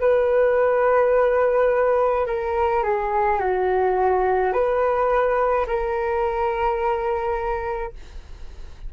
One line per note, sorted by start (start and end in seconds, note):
0.00 2.26 B4
2.26 2.83 A#4
2.84 3.40 G#4
3.40 4.53 F#4
4.53 5.66 B4
5.67 7.93 A#4